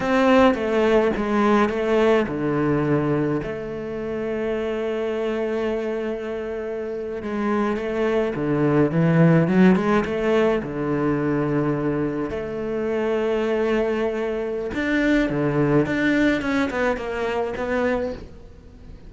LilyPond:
\new Staff \with { instrumentName = "cello" } { \time 4/4 \tempo 4 = 106 c'4 a4 gis4 a4 | d2 a2~ | a1~ | a8. gis4 a4 d4 e16~ |
e8. fis8 gis8 a4 d4~ d16~ | d4.~ d16 a2~ a16~ | a2 d'4 d4 | d'4 cis'8 b8 ais4 b4 | }